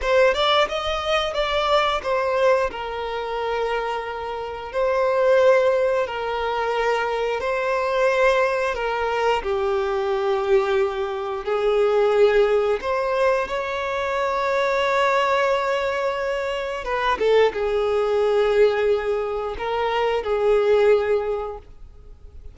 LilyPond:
\new Staff \with { instrumentName = "violin" } { \time 4/4 \tempo 4 = 89 c''8 d''8 dis''4 d''4 c''4 | ais'2. c''4~ | c''4 ais'2 c''4~ | c''4 ais'4 g'2~ |
g'4 gis'2 c''4 | cis''1~ | cis''4 b'8 a'8 gis'2~ | gis'4 ais'4 gis'2 | }